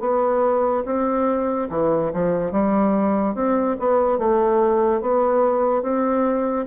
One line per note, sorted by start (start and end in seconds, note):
0.00 0.83 B3
0.85 1.69 C4
1.70 2.11 E3
2.13 2.52 F3
2.52 3.35 G3
3.35 3.77 C4
3.79 4.18 B3
4.18 5.01 A3
5.01 5.82 B3
5.82 6.66 C4